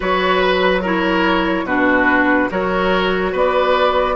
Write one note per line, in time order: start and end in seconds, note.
0.00 1.63 F#3
0.00 0.80 F#4
0.00 0.81 B4
0.00 0.40 C#5
0.40 0.82 B4
0.81 1.67 E4
0.81 1.64 A#4
0.81 1.66 C#5
1.63 2.47 B2
1.63 2.49 D4
1.63 2.49 F#4
1.63 2.49 B4
2.49 3.33 F#3
2.49 4.16 F#4
2.49 3.32 A#4
2.49 3.35 C#5
3.32 4.16 B3
3.32 4.15 B4
3.32 4.16 D5